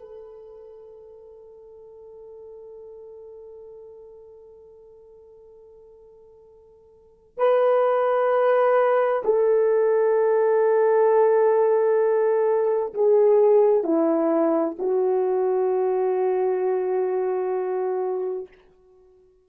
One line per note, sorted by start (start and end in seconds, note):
0.00 7.38 A4
7.38 9.23 B4
9.25 12.94 A4
12.94 13.84 G#4
13.84 14.77 E4
14.79 18.48 F#4